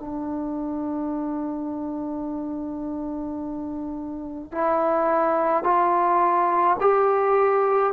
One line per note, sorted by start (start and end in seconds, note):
0.00 4.52 D4
4.52 5.64 E4
5.64 6.77 F4
6.81 7.93 G4